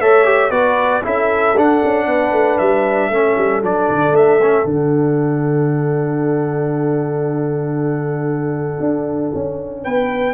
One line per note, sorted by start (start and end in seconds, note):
0.00 0.51 A3
0.00 0.25 A4
0.00 0.51 C#5
0.00 0.51 E5
0.25 0.51 G4
0.51 1.03 B3
0.51 1.03 F#4
0.51 1.02 B4
0.51 1.02 D5
1.04 1.56 C#4
1.04 1.55 E4
1.04 2.06 A4
1.04 1.58 E5
1.56 1.82 D4
1.56 3.12 D4
1.56 2.58 F#5
1.84 2.06 C#4
2.06 2.32 B3
2.06 3.10 B4
2.32 2.58 A3
2.58 3.10 G3
2.58 3.61 E5
3.10 3.36 A3
3.10 3.63 C#4
3.10 9.83 A4
3.37 3.62 G3
3.62 3.88 F#3
3.62 4.41 D4
3.62 4.16 D5
3.89 4.12 D3
4.12 4.64 A3
4.12 4.67 E5
4.42 4.65 C#4
4.64 8.78 D3
4.64 10.34 D4
4.64 9.84 F#5
8.80 9.32 D4
9.35 9.86 C#4
9.83 10.34 B3
9.83 10.34 B4
9.83 10.34 G5